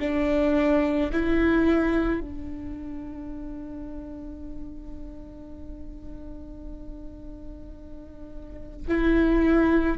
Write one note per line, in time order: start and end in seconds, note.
0.00 1.11 D4
1.13 2.21 E4
2.21 8.87 D4
8.88 9.98 E4